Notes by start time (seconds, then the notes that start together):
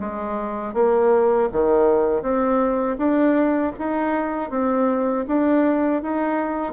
0.00 G#3
0.74 A#3
1.53 D#3
2.22 C4
2.98 D4
3.79 D#4
4.51 C4
5.28 D4
6.03 D#4